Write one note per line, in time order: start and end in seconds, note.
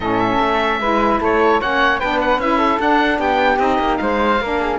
0.00 0.38 A2
0.00 0.82 C#4
0.00 0.80 A4
0.00 1.20 E5
0.41 0.80 A3
0.80 1.20 G#3
0.80 1.60 E4
0.80 1.20 B4
1.20 1.60 A3
1.20 1.60 A4
1.20 1.61 C#5
1.60 2.02 A#3
1.60 2.00 C#4
1.60 1.99 C#5
1.60 1.99 F#5
1.99 2.38 B3
1.99 2.40 D4
1.99 2.58 B4
1.99 2.19 G5
2.21 2.40 F#5
2.38 2.78 C#4
2.38 2.80 E4
2.38 2.80 E5
2.58 3.18 A4
2.79 3.19 D4
2.79 3.59 D4
2.79 3.20 F#5
3.19 3.59 B3
3.19 3.99 G4
3.19 3.59 G5
3.59 3.78 C4
3.59 4.39 D#4
3.59 3.97 D#5
3.78 3.98 A#3
3.97 4.40 G#3
3.97 4.41 C5
3.97 4.77 F5
4.40 4.79 A#3
4.40 4.79 D4
4.40 4.59 A#4
4.59 4.79 G#4